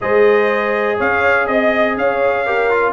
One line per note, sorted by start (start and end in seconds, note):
0.01 0.99 G#3
0.01 2.46 G#4
0.01 0.97 C5
0.01 0.99 D#5
0.97 1.47 C#4
0.97 1.46 C#5
0.97 1.46 F5
1.46 1.97 C4
1.46 1.95 D#5
1.46 1.96 D#5
1.97 2.93 C#4
1.97 2.46 C#5
1.97 2.93 F5
2.46 2.70 G4
2.46 2.93 A#4
2.70 2.93 F4